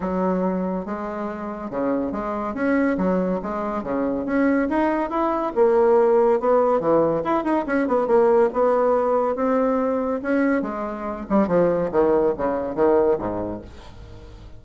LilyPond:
\new Staff \with { instrumentName = "bassoon" } { \time 4/4 \tempo 4 = 141 fis2 gis2 | cis4 gis4 cis'4 fis4 | gis4 cis4 cis'4 dis'4 | e'4 ais2 b4 |
e4 e'8 dis'8 cis'8 b8 ais4 | b2 c'2 | cis'4 gis4. g8 f4 | dis4 cis4 dis4 gis,4 | }